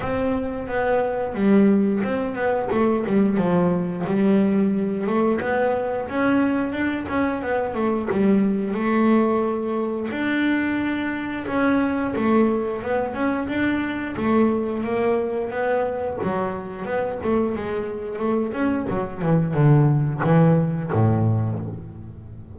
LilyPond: \new Staff \with { instrumentName = "double bass" } { \time 4/4 \tempo 4 = 89 c'4 b4 g4 c'8 b8 | a8 g8 f4 g4. a8 | b4 cis'4 d'8 cis'8 b8 a8 | g4 a2 d'4~ |
d'4 cis'4 a4 b8 cis'8 | d'4 a4 ais4 b4 | fis4 b8 a8 gis4 a8 cis'8 | fis8 e8 d4 e4 a,4 | }